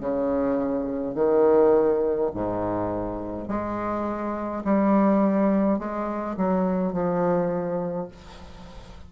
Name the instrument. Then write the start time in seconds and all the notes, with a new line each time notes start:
bassoon
0.00 C#3
1.15 D#3
2.34 G#2
3.48 G#3
4.64 G3
5.78 G#3
6.37 F#3
6.93 F3